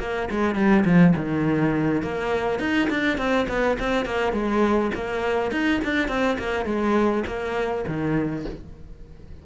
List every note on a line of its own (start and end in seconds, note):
0.00 0.29 A#3
0.31 0.55 G#3
0.55 0.84 G3
0.85 1.14 F3
1.16 2.02 D#3
2.02 2.59 A#3
2.59 2.89 D#4
2.90 3.18 D4
3.18 3.47 C4
3.48 3.78 B3
3.79 4.05 C4
4.05 4.33 A#3
4.33 4.91 G#3
4.95 5.52 A#3
5.52 5.81 D#4
5.84 6.08 D4
6.08 6.38 C4
6.39 6.66 A#3
6.66 7.24 G#3
7.27 7.85 A#3
7.87 8.46 D#3